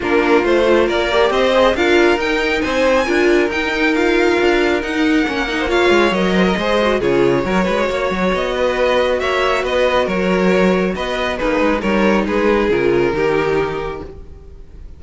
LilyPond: <<
  \new Staff \with { instrumentName = "violin" } { \time 4/4 \tempo 4 = 137 ais'4 c''4 d''4 dis''4 | f''4 g''4 gis''2 | g''4 f''2 fis''4~ | fis''4 f''4 dis''2 |
cis''2. dis''4~ | dis''4 e''4 dis''4 cis''4~ | cis''4 dis''4 b'4 cis''4 | b'4 ais'2. | }
  \new Staff \with { instrumentName = "violin" } { \time 4/4 f'2 ais'4 c''4 | ais'2 c''4 ais'4~ | ais'1~ | ais'8. c''16 cis''4. c''16 ais'16 c''4 |
gis'4 ais'8 b'8 cis''4. b'8~ | b'4 cis''4 b'4 ais'4~ | ais'4 b'4 dis'4 ais'4 | gis'2 g'2 | }
  \new Staff \with { instrumentName = "viola" } { \time 4/4 d'4 f'4. g'4 gis'8 | f'4 dis'2 f'4 | dis'4 f'2 dis'4 | cis'8 dis'8 f'4 ais'4 gis'8 fis'8 |
f'4 fis'2.~ | fis'1~ | fis'2 gis'4 dis'4~ | dis'4 f'4 dis'2 | }
  \new Staff \with { instrumentName = "cello" } { \time 4/4 ais4 a4 ais4 c'4 | d'4 dis'4 c'4 d'4 | dis'2 d'4 dis'4 | ais4. gis8 fis4 gis4 |
cis4 fis8 gis8 ais8 fis8 b4~ | b4 ais4 b4 fis4~ | fis4 b4 ais8 gis8 g4 | gis4 cis4 dis2 | }
>>